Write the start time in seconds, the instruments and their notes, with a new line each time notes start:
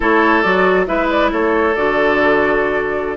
0.00 bassoon A3, clarinet E4, oboe A4, flute C#5
0.42 bassoon F#3, clarinet F#4, flute D5
0.86 bassoon G#3, clarinet E4, oboe B4, flute E5
1.09 flute D5
1.31 bassoon A3, oboe A4, flute C#5
1.75 bassoon D3, clarinet F#4, flute D5